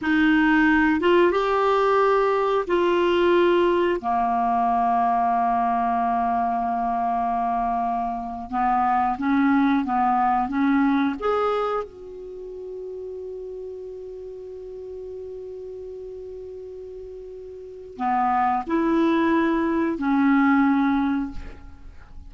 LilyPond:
\new Staff \with { instrumentName = "clarinet" } { \time 4/4 \tempo 4 = 90 dis'4. f'8 g'2 | f'2 ais2~ | ais1~ | ais8. b4 cis'4 b4 cis'16~ |
cis'8. gis'4 fis'2~ fis'16~ | fis'1~ | fis'2. b4 | e'2 cis'2 | }